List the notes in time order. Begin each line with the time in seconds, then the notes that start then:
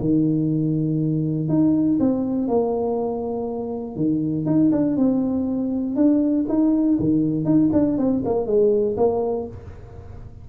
0.00 D#3
1.48 D#4
2.00 C4
2.48 A#3
3.96 D#3
4.46 D#4
4.72 D4
4.97 C4
5.95 D4
6.49 D#4
6.99 D#3
7.45 D#4
7.72 D4
7.97 C4
8.25 A#3
8.46 G#3
8.97 A#3